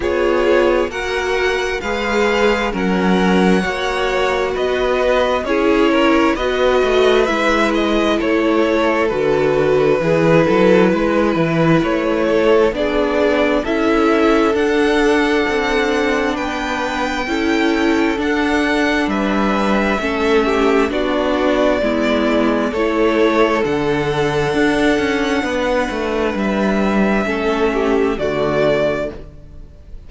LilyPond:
<<
  \new Staff \with { instrumentName = "violin" } { \time 4/4 \tempo 4 = 66 cis''4 fis''4 f''4 fis''4~ | fis''4 dis''4 cis''4 dis''4 | e''8 dis''8 cis''4 b'2~ | b'4 cis''4 d''4 e''4 |
fis''2 g''2 | fis''4 e''2 d''4~ | d''4 cis''4 fis''2~ | fis''4 e''2 d''4 | }
  \new Staff \with { instrumentName = "violin" } { \time 4/4 gis'4 ais'4 b'4 ais'4 | cis''4 b'4 gis'8 ais'8 b'4~ | b'4 a'2 gis'8 a'8 | b'4. a'8 gis'4 a'4~ |
a'2 b'4 a'4~ | a'4 b'4 a'8 g'8 fis'4 | e'4 a'2. | b'2 a'8 g'8 fis'4 | }
  \new Staff \with { instrumentName = "viola" } { \time 4/4 f'4 fis'4 gis'4 cis'4 | fis'2 e'4 fis'4 | e'2 fis'4 e'4~ | e'2 d'4 e'4 |
d'2. e'4 | d'2 cis'4 d'4 | b4 e'4 d'2~ | d'2 cis'4 a4 | }
  \new Staff \with { instrumentName = "cello" } { \time 4/4 b4 ais4 gis4 fis4 | ais4 b4 cis'4 b8 a8 | gis4 a4 d4 e8 fis8 | gis8 e8 a4 b4 cis'4 |
d'4 c'4 b4 cis'4 | d'4 g4 a4 b4 | gis4 a4 d4 d'8 cis'8 | b8 a8 g4 a4 d4 | }
>>